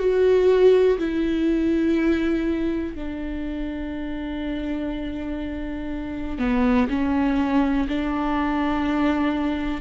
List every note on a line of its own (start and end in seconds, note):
0.00 0.98 F#4
0.99 2.95 E4
2.95 6.39 D4
6.39 6.89 B3
6.89 7.88 C#4
7.89 9.81 D4